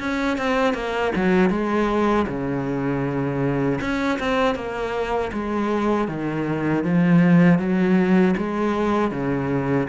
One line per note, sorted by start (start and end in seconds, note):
0.00 0.38 C#4
0.38 0.74 C4
0.74 1.12 A#3
1.16 1.50 F#3
1.50 2.26 G#3
2.28 3.80 C#3
3.81 4.19 C#4
4.19 4.55 C4
4.55 5.31 A#3
5.33 6.08 G#3
6.08 6.84 D#3
6.84 7.59 F3
7.59 8.35 F#3
8.38 9.11 G#3
9.11 9.87 C#3